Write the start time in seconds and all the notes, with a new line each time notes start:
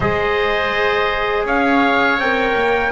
0.00 G#3 G#4 C5 D#5
1.44 C#4 C#5 F5
2.17 C4 A#4 G5
2.55 A#3